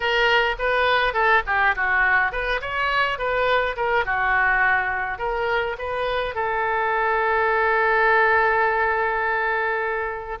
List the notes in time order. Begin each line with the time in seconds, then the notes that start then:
0.00 A#4
0.58 B4
1.13 A4
1.46 G4
1.75 F#4
2.32 B4
2.61 C#5
3.18 B4
3.76 A#4
4.05 F#4
5.18 A#4
5.78 B4
6.34 A4